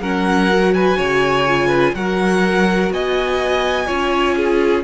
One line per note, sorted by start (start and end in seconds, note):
0.00 0.97 F#3
0.00 0.51 C#4
0.00 0.74 A#4
0.00 0.74 F#5
0.51 1.47 F#4
0.74 0.98 B4
0.74 1.95 G#5
0.98 1.94 C#3
0.98 1.68 C#5
1.47 1.96 F4
1.68 1.92 B4
1.94 2.91 F#3
1.94 3.87 F#4
1.94 2.93 A#4
1.94 2.92 F#5
2.91 3.87 B3
2.91 3.86 D#5
2.91 4.84 G#5
3.86 4.84 C#4
3.86 4.84 F4
3.86 4.35 C#5
4.36 4.84 G#4